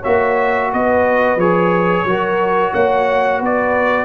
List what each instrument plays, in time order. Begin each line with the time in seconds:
0.00 trombone F#4, horn C#5, trumpet E5
0.06 tuba A#3
0.72 tuba B3, horn B4, trumpet D#5
1.37 tuba F3, trombone G#4, trumpet C#5
2.05 tuba F#3, trombone F#4, horn A#4
2.73 tuba A#3, horn C#5, trumpet F#5
3.39 tuba B3, horn B4
3.46 trumpet D5